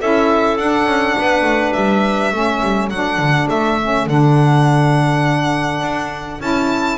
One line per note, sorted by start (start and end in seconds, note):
0.00 0.57 C#4
0.00 0.59 E4
0.00 1.17 A4
0.00 0.57 E5
0.57 0.85 D4
0.57 2.32 D4
0.57 1.73 F#5
0.85 1.14 C#4
1.17 1.42 B3
1.17 2.33 B4
1.42 1.71 A3
1.73 2.32 G3
1.73 2.89 E5
2.32 2.61 A3
2.32 2.90 C#4
2.32 6.98 A4
2.62 2.90 G3
2.89 3.18 F#3
2.89 3.80 D4
2.89 3.47 F#5
3.18 3.47 D3
3.49 4.06 A3
3.49 4.08 E5
3.81 4.08 C#4
4.06 5.80 D3
4.06 6.40 D4
4.06 6.41 F#5
5.80 6.39 D4
6.40 6.98 C#4
6.40 6.98 E4
6.40 6.98 A5